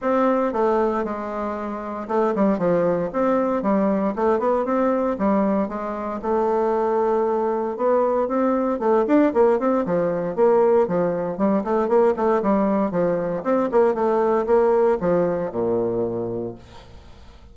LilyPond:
\new Staff \with { instrumentName = "bassoon" } { \time 4/4 \tempo 4 = 116 c'4 a4 gis2 | a8 g8 f4 c'4 g4 | a8 b8 c'4 g4 gis4 | a2. b4 |
c'4 a8 d'8 ais8 c'8 f4 | ais4 f4 g8 a8 ais8 a8 | g4 f4 c'8 ais8 a4 | ais4 f4 ais,2 | }